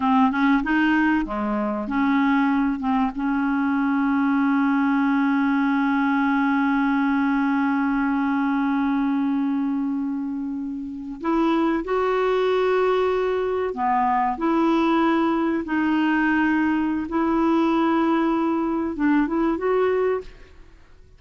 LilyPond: \new Staff \with { instrumentName = "clarinet" } { \time 4/4 \tempo 4 = 95 c'8 cis'8 dis'4 gis4 cis'4~ | cis'8 c'8 cis'2.~ | cis'1~ | cis'1~ |
cis'4.~ cis'16 e'4 fis'4~ fis'16~ | fis'4.~ fis'16 b4 e'4~ e'16~ | e'8. dis'2~ dis'16 e'4~ | e'2 d'8 e'8 fis'4 | }